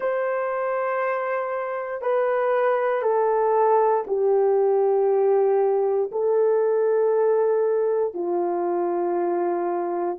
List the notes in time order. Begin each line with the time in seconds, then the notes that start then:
0.00 C5
2.01 B4
3.02 A4
4.07 G4
6.11 A4
8.14 F4